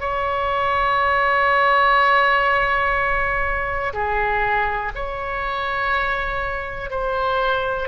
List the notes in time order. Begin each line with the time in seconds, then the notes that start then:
0.00 C#5
3.94 G#4
4.95 C#5
6.91 C5